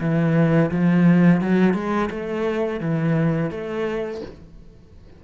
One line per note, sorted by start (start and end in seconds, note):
0.00 0.71 E3
0.71 1.41 F3
1.41 1.74 F#3
1.74 2.09 G#3
2.10 2.80 A3
2.80 3.50 E3
3.50 4.21 A3